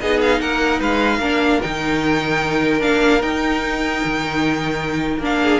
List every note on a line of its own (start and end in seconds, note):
0.00 0.40 B3
0.00 1.21 D#4
0.00 0.41 G#4
0.00 0.20 D#5
0.21 0.40 F5
0.40 0.80 A#3
0.40 0.80 A#4
0.40 0.80 F#5
0.80 1.19 G#3
0.80 1.19 B4
0.80 1.61 F5
1.19 1.59 A#3
1.19 1.61 D4
1.19 5.39 A#4
1.61 2.83 D#3
1.61 2.80 D#4
1.61 2.81 G5
2.80 3.22 A#3
2.80 3.20 D4
2.80 3.21 F5
3.21 5.21 D#4
3.21 4.02 D#4
3.21 5.22 G5
4.04 5.17 D#3
5.17 5.57 A#3
5.17 5.60 D4
5.25 5.60 F5
5.42 5.60 G#4